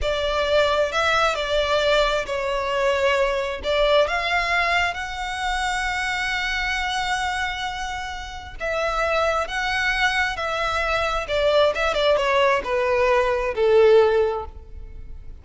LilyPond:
\new Staff \with { instrumentName = "violin" } { \time 4/4 \tempo 4 = 133 d''2 e''4 d''4~ | d''4 cis''2. | d''4 f''2 fis''4~ | fis''1~ |
fis''2. e''4~ | e''4 fis''2 e''4~ | e''4 d''4 e''8 d''8 cis''4 | b'2 a'2 | }